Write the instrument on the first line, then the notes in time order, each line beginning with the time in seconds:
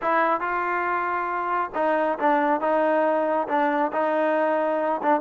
trombone
0.01 E4
0.40 F4
1.75 D#4
2.18 D4
2.60 D#4
3.48 D4
3.92 D#4
5.02 D4